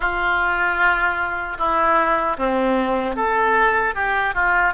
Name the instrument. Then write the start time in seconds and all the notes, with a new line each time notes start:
oboe
0.00 F4
1.58 E4
2.38 C4
3.16 A4
3.94 G4
4.34 F4